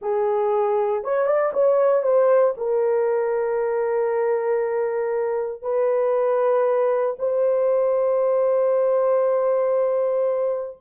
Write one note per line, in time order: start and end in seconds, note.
0.01 1.03 G#4
1.03 1.26 C#5
1.26 1.52 D5
1.53 2.03 C#5
2.03 2.54 C5
2.57 5.62 A#4
5.62 7.16 B4
7.18 10.77 C5